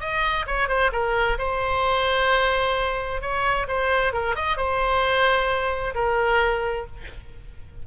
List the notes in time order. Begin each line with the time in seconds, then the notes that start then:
0.00 D#5
0.47 C#5
0.68 C5
0.92 A#4
1.38 C5
3.21 C#5
3.68 C5
4.13 A#4
4.35 D#5
4.57 C5
5.95 A#4